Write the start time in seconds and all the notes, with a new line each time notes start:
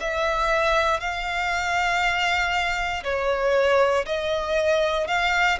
0.00 E5
1.00 F5
3.04 C#5
4.06 D#5
5.07 F5